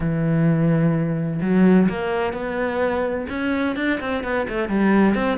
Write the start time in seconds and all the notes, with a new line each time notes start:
0.00 E3
1.41 F#3
1.89 A#3
2.33 B3
3.29 C#4
3.76 D4
4.00 C4
4.23 B3
4.48 A3
4.68 G3
5.14 C4